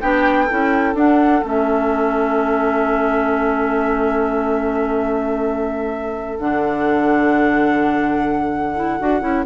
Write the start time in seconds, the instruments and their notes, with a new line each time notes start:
0.00 bassoon B3, clarinet D4, oboe G4, flute G5
0.45 clarinet E4, oboe A4
0.51 bassoon C#4
0.94 bassoon D4, clarinet D4, flute F#5
1.42 bassoon A3, clarinet C#4, flute E5
6.38 bassoon D3, clarinet D4, flute F#5
8.75 clarinet E4
8.99 bassoon D4, clarinet F#4
9.20 bassoon C#4, clarinet E4